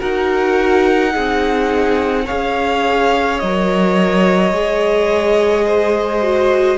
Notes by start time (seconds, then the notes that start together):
0.00 D#4 F#4 A#4 F#5
1.11 C4 D#4 G#4
2.26 G#4 C#5 F5
2.32 C#4
3.40 F#3 A#4 D#5
4.52 G#3 G#4
5.66 C5
6.23 F#4